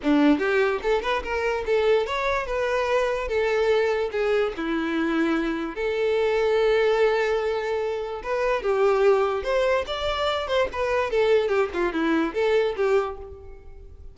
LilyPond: \new Staff \with { instrumentName = "violin" } { \time 4/4 \tempo 4 = 146 d'4 g'4 a'8 b'8 ais'4 | a'4 cis''4 b'2 | a'2 gis'4 e'4~ | e'2 a'2~ |
a'1 | b'4 g'2 c''4 | d''4. c''8 b'4 a'4 | g'8 f'8 e'4 a'4 g'4 | }